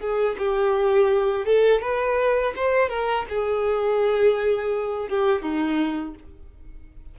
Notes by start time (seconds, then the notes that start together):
0.00 G#4
0.39 G4
1.46 A4
1.82 B4
2.56 C5
2.89 A#4
3.30 G#4
5.09 G4
5.42 D#4